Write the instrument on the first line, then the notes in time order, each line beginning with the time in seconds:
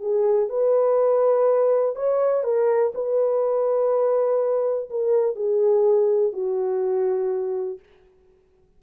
horn
0.00 G#4
0.49 B4
1.95 C#5
2.43 A#4
2.94 B4
4.90 A#4
5.35 G#4
6.33 F#4